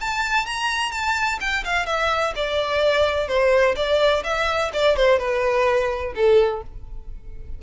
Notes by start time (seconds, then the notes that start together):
0.00 A5
0.46 A#5
0.91 A5
1.40 G5
1.64 F5
1.86 E5
2.35 D5
3.28 C5
3.76 D5
4.23 E5
4.73 D5
4.96 C5
5.19 B4
6.15 A4